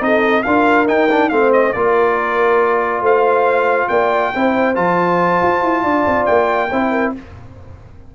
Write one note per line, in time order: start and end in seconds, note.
0.00 0.43 C4
0.00 0.43 D#4
0.00 0.43 A4
0.00 0.43 D#5
0.43 0.88 D4
0.43 0.87 F4
0.43 1.29 A#4
0.43 0.86 F5
0.87 1.09 D#4
0.87 1.31 D#4
0.87 1.29 G5
1.10 1.31 D4
1.29 1.74 A3
1.29 1.74 C4
1.29 1.74 C5
1.29 1.51 F5
1.53 1.73 D#5
1.73 3.01 A#3
1.73 4.34 F4
1.73 3.02 A#4
1.73 3.02 D5
3.01 3.87 A3
3.01 3.88 C5
3.01 3.88 F5
3.88 4.33 A#3
3.88 4.33 D5
3.88 4.75 G5
4.34 4.77 C4
4.34 4.75 E4
4.34 5.83 C5
4.75 5.42 F3
4.75 6.69 F4
4.75 6.25 A5
5.42 5.62 F4
5.62 5.84 E4
5.83 6.06 D4
5.83 6.69 D5
6.06 6.28 C4
6.25 6.71 A#3
6.25 7.12 G5
6.69 7.15 C4
6.69 7.15 E4
6.69 6.91 C5
6.91 7.13 A#4